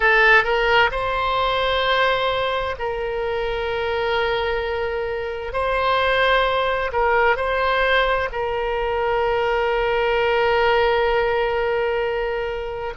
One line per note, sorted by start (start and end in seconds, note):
0.00 0.44 A4
0.44 0.90 A#4
0.91 2.75 C5
2.78 5.53 A#4
5.53 6.91 C5
6.92 7.36 A#4
7.36 8.28 C5
8.32 12.93 A#4